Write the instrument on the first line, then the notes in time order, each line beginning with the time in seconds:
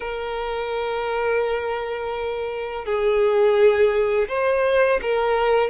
violin
0.00 A#4
2.85 G#4
4.28 C5
5.02 A#4